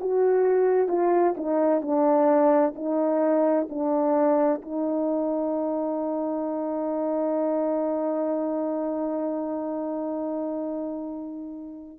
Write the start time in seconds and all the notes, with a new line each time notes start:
0.00 F#4
0.88 F4
1.37 D#4
1.81 D4
2.76 D#4
3.69 D4
4.62 D#4